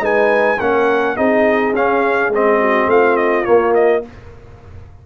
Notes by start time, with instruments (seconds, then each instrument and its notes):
0.00 tuba G#3, trombone D#4, horn B4, trumpet G#5
0.60 tuba A#3, trombone C#4, horn A#4, trumpet F#5
1.16 tuba C4, trombone D#4, horn G#4, trumpet D#5
1.73 tuba C#4, trombone C#4, trumpet F5
2.29 tuba G#3, trombone C4, trumpet D#5
2.61 horn F#4
2.87 tuba A3, horn F4, trumpet F5
3.17 trumpet D#5
3.45 trombone A#3, tuba A#3, trumpet C#5
3.75 trumpet D#5